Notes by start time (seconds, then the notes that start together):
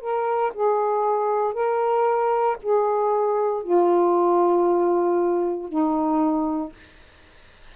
0.00 A#4
0.53 G#4
1.53 A#4
2.62 G#4
3.63 F4
5.68 D#4